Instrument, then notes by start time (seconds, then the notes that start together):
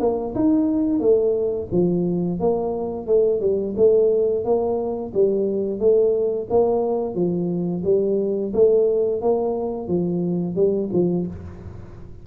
tuba
0.00 A#3
0.35 D#4
1.00 A3
1.72 F3
2.40 A#3
3.07 A3
3.41 G3
3.77 A3
4.45 A#3
5.14 G3
5.80 A3
6.50 A#3
7.15 F3
7.84 G3
8.53 A3
9.22 A#3
9.88 F3
10.55 G3
10.93 F3